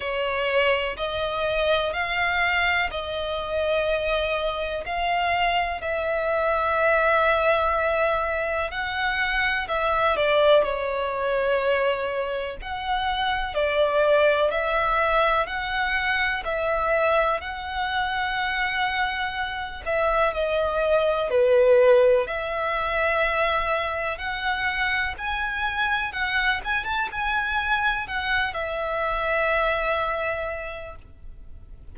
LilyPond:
\new Staff \with { instrumentName = "violin" } { \time 4/4 \tempo 4 = 62 cis''4 dis''4 f''4 dis''4~ | dis''4 f''4 e''2~ | e''4 fis''4 e''8 d''8 cis''4~ | cis''4 fis''4 d''4 e''4 |
fis''4 e''4 fis''2~ | fis''8 e''8 dis''4 b'4 e''4~ | e''4 fis''4 gis''4 fis''8 gis''16 a''16 | gis''4 fis''8 e''2~ e''8 | }